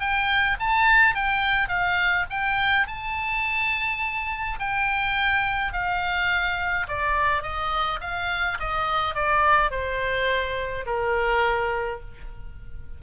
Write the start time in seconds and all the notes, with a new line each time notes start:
0.00 G5
0.60 A5
1.15 G5
1.69 F5
2.30 G5
2.88 A5
4.59 G5
5.73 F5
6.88 D5
7.43 D#5
8.01 F5
8.60 D#5
9.15 D5
9.71 C5
10.86 A#4